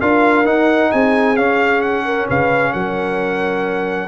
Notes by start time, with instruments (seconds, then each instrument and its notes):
0.00 tuba D4, trombone F4, horn A#4, trumpet F5
0.45 tuba D#4, trombone D#4, trumpet F#5
0.92 tuba C4, horn G#4, trumpet G#5
1.36 trombone C#4, tuba C#4, trumpet F5
1.81 trumpet F#5
2.05 horn A#4
2.27 tuba C#3, horn B4, trumpet F5
2.73 tuba F#3, horn A#4, trumpet F#5